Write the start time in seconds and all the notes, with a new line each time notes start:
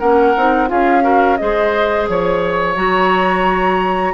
0.00 A#3 C#4 A#4 F#5
0.36 C4 D#4
0.68 C#4 F4 G#4 F5
1.02 F#4 A#4
1.37 G#3 G#4 C5 D#5
2.09 F3 C#5
2.76 F#3 F#4 A#5